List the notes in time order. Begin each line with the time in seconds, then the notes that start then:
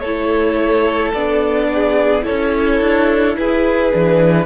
0.00 A3 E4 A4 C#5
1.13 B3 D4 D5
1.73 G#4
2.22 E4 A4 C#5
2.29 C#4
2.81 D4
3.37 E4 G#4 B4
3.92 E3 D4